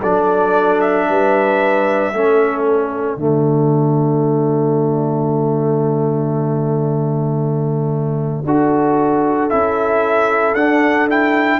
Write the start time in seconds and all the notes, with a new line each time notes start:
0.00 F#3 D4 A4 D5
0.80 E5
1.08 G3 B4
2.13 A3 C#4 A4
2.62 D5
3.16 D3 A3 F#4
8.43 D4 F#4 A4
9.49 C#4 E4 E5
10.54 D4 F#5
11.09 E4 G5